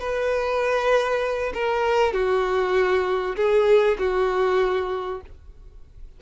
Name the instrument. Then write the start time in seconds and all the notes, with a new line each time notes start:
violin
0.00 B4
1.54 A#4
2.13 F#4
3.37 G#4
3.99 F#4